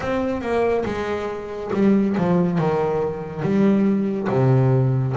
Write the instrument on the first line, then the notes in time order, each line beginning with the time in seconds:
double bass
0.00 C4
0.41 A#3
0.85 G#3
1.73 G3
2.17 F3
2.58 D#3
3.42 G3
4.29 C3